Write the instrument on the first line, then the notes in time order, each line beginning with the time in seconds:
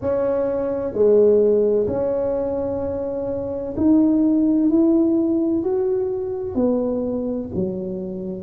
tuba
0.01 C#4
0.93 G#3
1.87 C#4
3.76 D#4
4.69 E4
5.62 F#4
6.55 B3
7.55 F#3